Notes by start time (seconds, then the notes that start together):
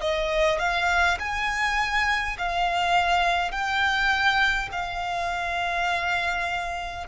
0.00 D#5
0.59 F5
1.19 G#5
2.38 F5
3.51 G5
4.72 F5